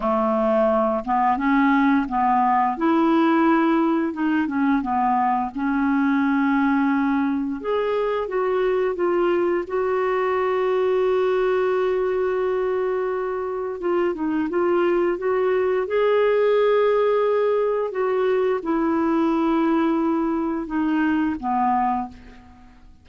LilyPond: \new Staff \with { instrumentName = "clarinet" } { \time 4/4 \tempo 4 = 87 a4. b8 cis'4 b4 | e'2 dis'8 cis'8 b4 | cis'2. gis'4 | fis'4 f'4 fis'2~ |
fis'1 | f'8 dis'8 f'4 fis'4 gis'4~ | gis'2 fis'4 e'4~ | e'2 dis'4 b4 | }